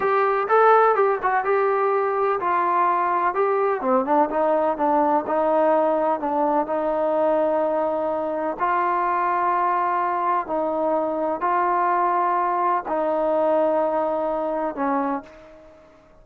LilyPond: \new Staff \with { instrumentName = "trombone" } { \time 4/4 \tempo 4 = 126 g'4 a'4 g'8 fis'8 g'4~ | g'4 f'2 g'4 | c'8 d'8 dis'4 d'4 dis'4~ | dis'4 d'4 dis'2~ |
dis'2 f'2~ | f'2 dis'2 | f'2. dis'4~ | dis'2. cis'4 | }